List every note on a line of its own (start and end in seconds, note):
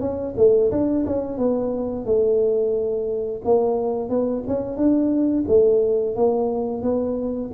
0.00 0.34 C#4
0.37 0.71 A3
0.71 1.05 D4
1.06 1.38 C#4
1.38 2.05 B3
2.05 3.42 A3
3.44 4.09 A#3
4.09 4.43 B3
4.48 4.76 C#4
4.76 5.45 D4
5.48 6.15 A3
6.15 6.82 A#3
6.82 7.50 B3